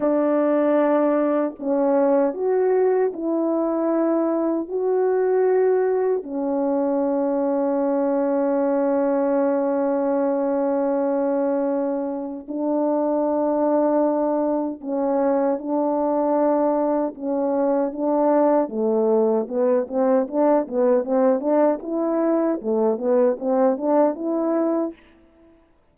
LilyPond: \new Staff \with { instrumentName = "horn" } { \time 4/4 \tempo 4 = 77 d'2 cis'4 fis'4 | e'2 fis'2 | cis'1~ | cis'1 |
d'2. cis'4 | d'2 cis'4 d'4 | a4 b8 c'8 d'8 b8 c'8 d'8 | e'4 a8 b8 c'8 d'8 e'4 | }